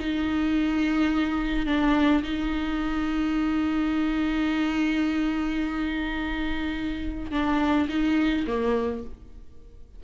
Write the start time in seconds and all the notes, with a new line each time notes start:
0.00 D#4
1.66 D4
2.23 D#4
7.31 D4
7.89 D#4
8.47 A#3